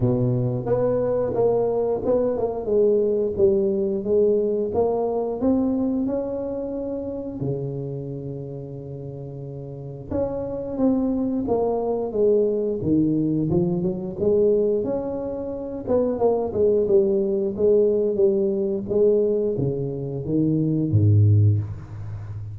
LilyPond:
\new Staff \with { instrumentName = "tuba" } { \time 4/4 \tempo 4 = 89 b,4 b4 ais4 b8 ais8 | gis4 g4 gis4 ais4 | c'4 cis'2 cis4~ | cis2. cis'4 |
c'4 ais4 gis4 dis4 | f8 fis8 gis4 cis'4. b8 | ais8 gis8 g4 gis4 g4 | gis4 cis4 dis4 gis,4 | }